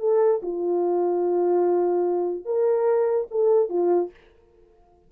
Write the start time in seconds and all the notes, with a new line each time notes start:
0.00 A4
0.43 F4
2.45 A#4
3.31 A4
3.70 F4